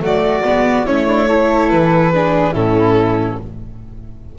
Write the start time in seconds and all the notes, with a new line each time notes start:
0.00 F#3 A3 F#4 D5
0.44 G#3 B3
0.86 A3 C#4 E4 C#5
1.07 D4
1.28 E4 A4
1.69 E3 B4
2.13 D4 G#4
2.52 A2 C#4 E4 A4